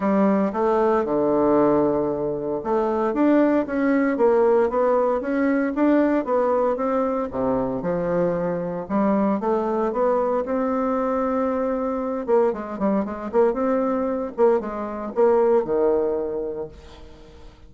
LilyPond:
\new Staff \with { instrumentName = "bassoon" } { \time 4/4 \tempo 4 = 115 g4 a4 d2~ | d4 a4 d'4 cis'4 | ais4 b4 cis'4 d'4 | b4 c'4 c4 f4~ |
f4 g4 a4 b4 | c'2.~ c'8 ais8 | gis8 g8 gis8 ais8 c'4. ais8 | gis4 ais4 dis2 | }